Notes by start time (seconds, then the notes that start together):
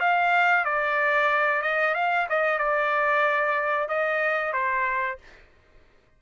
0.00 F5
0.65 D5
1.62 D#5
1.94 F5
2.29 D#5
2.58 D5
3.88 D#5
4.52 C5